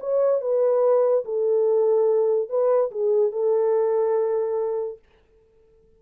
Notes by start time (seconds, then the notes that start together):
0.00 C#5
0.41 B4
1.25 A4
2.49 B4
2.91 G#4
3.32 A4